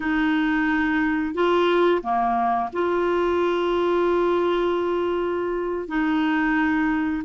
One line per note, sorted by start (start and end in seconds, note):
0.00 1.34 D#4
1.34 2.01 F4
2.02 2.69 A#3
2.72 5.88 F4
5.88 7.23 D#4